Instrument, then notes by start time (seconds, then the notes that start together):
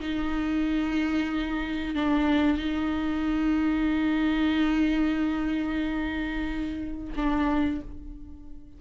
viola
0.00 D#4
1.95 D4
2.58 D#4
7.16 D4